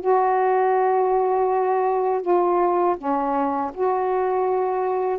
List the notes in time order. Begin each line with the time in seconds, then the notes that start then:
0.00 F#4
2.22 F4
2.97 C#4
3.74 F#4